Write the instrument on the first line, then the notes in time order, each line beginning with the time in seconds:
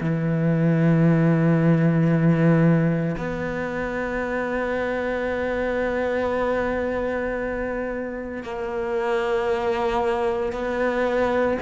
cello
0.00 E3
3.17 B3
8.43 A#3
10.52 B3